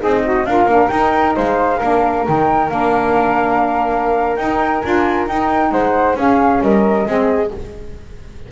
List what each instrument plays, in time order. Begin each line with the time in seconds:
0.00 double bass C4, flute D#4 D#5, saxophone G#4
0.24 saxophone F#4
0.46 double bass D4, saxophone F4, flute A#4 F5
0.65 double bass A#3, saxophone D4
0.88 saxophone D#4, double bass D#4, flute G5
1.36 double bass G#3, flute C5 F5
1.78 double bass A#3, saxophone D4, flute A#4
2.26 double bass D#3, saxophone D#4, flute G5
2.69 double bass A#3, saxophone D4, flute F5
4.36 double bass D#4, saxophone D#4, flute G5
4.80 double bass D4, saxophone F4, flute G#5
5.28 double bass D#4, saxophone D#4, flute G5
5.71 double bass G#3, flute C5 F#5
6.15 double bass C#4, saxophone C#4, flute G#4 F5
6.61 double bass G3, flute A#4 D#5
7.06 double bass G#3, saxophone C4, flute G#4